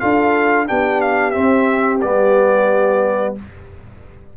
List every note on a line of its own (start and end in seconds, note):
0.00 0.70 D4
0.00 0.67 F4
0.00 0.67 A4
0.00 0.67 F5
0.67 1.37 B3
0.67 1.32 D4
0.67 3.34 G4
0.67 1.01 G5
1.01 1.31 F5
1.31 1.99 C4
1.31 1.98 E5
1.37 2.04 C4
2.01 3.37 G3
2.01 3.36 B3
2.01 3.34 D5